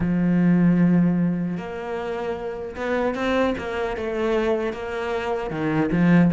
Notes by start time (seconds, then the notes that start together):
0.00 F3
1.57 A#3
2.76 B3
3.14 C4
3.57 A#3
3.97 A3
4.73 A#3
5.50 D#3
5.91 F3